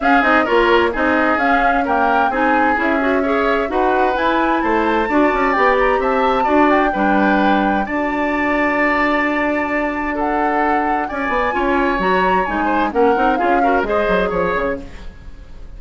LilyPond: <<
  \new Staff \with { instrumentName = "flute" } { \time 4/4 \tempo 4 = 130 f''8 dis''8 cis''4 dis''4 f''4 | g''4 gis''4 e''2 | fis''4 gis''4 a''2 | g''8 ais''8 a''4. g''4.~ |
g''4 a''2.~ | a''2 fis''2 | gis''2 ais''4 gis''4 | fis''4 f''4 dis''4 cis''4 | }
  \new Staff \with { instrumentName = "oboe" } { \time 4/4 gis'4 ais'4 gis'2 | ais'4 gis'2 cis''4 | b'2 c''4 d''4~ | d''4 e''4 d''4 b'4~ |
b'4 d''2.~ | d''2 a'2 | d''4 cis''2~ cis''8 c''8 | ais'4 gis'8 ais'8 c''4 cis''4 | }
  \new Staff \with { instrumentName = "clarinet" } { \time 4/4 cis'8 dis'8 f'4 dis'4 cis'4 | ais4 dis'4 e'8 fis'8 gis'4 | fis'4 e'2 fis'4 | g'2 fis'4 d'4~ |
d'4 fis'2.~ | fis'1~ | fis'4 f'4 fis'4 dis'4 | cis'8 dis'8 f'8 fis'8 gis'2 | }
  \new Staff \with { instrumentName = "bassoon" } { \time 4/4 cis'8 c'8 ais4 c'4 cis'4~ | cis'4 c'4 cis'2 | dis'4 e'4 a4 d'8 cis'8 | b4 c'4 d'4 g4~ |
g4 d'2.~ | d'1 | cis'8 b8 cis'4 fis4 gis4 | ais8 c'8 cis'4 gis8 fis8 f8 cis8 | }
>>